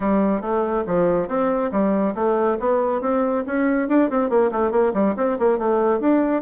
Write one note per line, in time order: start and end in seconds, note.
0.00 0.41 G3
0.41 0.84 A3
0.86 1.28 F3
1.28 1.70 C4
1.71 2.14 G3
2.14 2.57 A3
2.59 3.01 B3
3.01 3.44 C4
3.46 3.88 C#4
3.88 4.09 D4
4.10 4.29 C4
4.29 4.51 A#3
4.51 4.71 A3
4.71 4.92 A#3
4.93 5.15 G3
5.16 5.37 C4
5.38 5.58 A#3
5.58 6.00 A3
6.00 6.42 D4